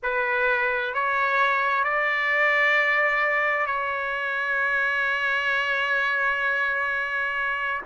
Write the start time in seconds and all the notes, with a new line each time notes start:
0.03 B4
0.94 C#5
1.83 D5
3.66 C#5